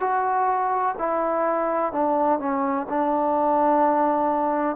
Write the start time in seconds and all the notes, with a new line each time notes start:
0.00 F#4
0.98 E4
1.92 D4
2.39 C#4
2.89 D4